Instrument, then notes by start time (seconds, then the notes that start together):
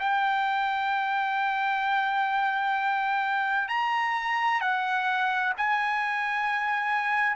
trumpet
0.00 G5
3.69 A#5
4.61 F#5
5.58 G#5